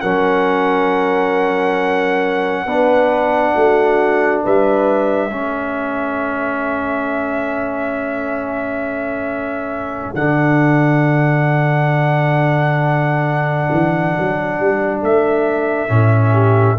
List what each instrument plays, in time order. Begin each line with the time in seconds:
0.00 tuba F#3, trombone C#4, horn A#4, trumpet F#5
2.65 tuba B3, trombone D4, horn B4
3.55 tuba A3, horn F#4
4.43 tuba G3, horn B4, trumpet E5
5.30 tuba A3, trombone C#4, horn A4
10.14 tuba D3, trombone D4, trumpet F#5
13.71 tuba E3
14.17 tuba F#3
14.59 tuba G3
15.02 tuba A3, trumpet E5
15.88 tuba A2, trombone C#4
16.32 horn G4